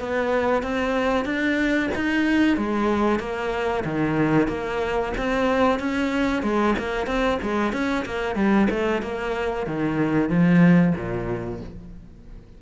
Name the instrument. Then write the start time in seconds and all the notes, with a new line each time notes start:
cello
0.00 B3
0.63 C4
1.25 D4
1.95 D#4
2.57 G#3
3.20 A#3
3.85 D#3
4.48 A#3
5.18 C4
5.79 C#4
6.43 G#3
6.79 A#3
7.07 C4
7.43 G#3
7.73 C#4
8.06 A#3
8.36 G3
8.70 A3
9.02 A#3
9.67 D#3
10.30 F3
10.96 A#2